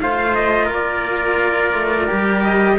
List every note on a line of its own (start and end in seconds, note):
0.00 0.70 A3
0.00 2.08 F4
0.00 0.66 C5
0.00 0.35 F5
0.35 0.70 D#5
0.66 1.74 A#3
0.66 2.75 A#4
0.74 2.44 D5
1.74 2.09 A3
2.08 2.79 G3
2.08 2.78 G4
2.44 2.79 D#5